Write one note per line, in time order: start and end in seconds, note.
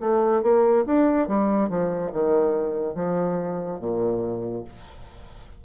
0.00 0.42 A3
0.42 0.85 A#3
0.86 1.27 D4
1.27 1.69 G3
1.69 2.11 F3
2.12 2.95 D#3
2.95 3.79 F3
3.80 4.64 A#2